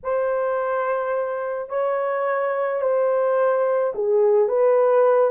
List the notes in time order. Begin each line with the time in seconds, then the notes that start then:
0.03 C5
1.69 C#5
2.81 C5
3.94 G#4
4.48 B4